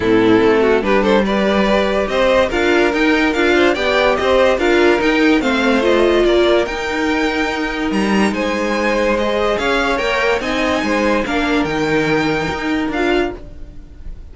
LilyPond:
<<
  \new Staff \with { instrumentName = "violin" } { \time 4/4 \tempo 4 = 144 a'2 b'8 c''8 d''4~ | d''4 dis''4 f''4 g''4 | f''4 g''4 dis''4 f''4 | g''4 f''4 dis''4 d''4 |
g''2. ais''4 | gis''2 dis''4 f''4 | g''4 gis''2 f''4 | g''2. f''4 | }
  \new Staff \with { instrumentName = "violin" } { \time 4/4 e'4. fis'8 g'8 a'8 b'4~ | b'4 c''4 ais'2~ | ais'8 c''8 d''4 c''4 ais'4~ | ais'4 c''2 ais'4~ |
ais'1 | c''2. cis''4~ | cis''4 dis''4 c''4 ais'4~ | ais'1 | }
  \new Staff \with { instrumentName = "viola" } { \time 4/4 c'2 d'4 g'4~ | g'2 f'4 dis'4 | f'4 g'2 f'4 | dis'4 c'4 f'2 |
dis'1~ | dis'2 gis'2 | ais'4 dis'2 d'4 | dis'2. f'4 | }
  \new Staff \with { instrumentName = "cello" } { \time 4/4 a,4 a4 g2~ | g4 c'4 d'4 dis'4 | d'4 b4 c'4 d'4 | dis'4 a2 ais4 |
dis'2. g4 | gis2. cis'4 | ais4 c'4 gis4 ais4 | dis2 dis'4 d'4 | }
>>